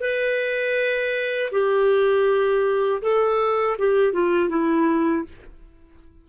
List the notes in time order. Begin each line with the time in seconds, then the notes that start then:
0.00 B4
1.51 G4
3.01 A4
3.78 G4
4.12 F4
4.49 E4